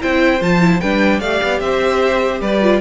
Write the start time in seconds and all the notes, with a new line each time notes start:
0.00 C4 E4 C5 G5
0.40 F3 F4 A5
0.60 E4
0.80 G3 D4 B4 G5
1.19 A3 G4 D5 F5
1.43 B3
1.60 C4 C5 E5
2.40 G3 B4 D5
2.62 F4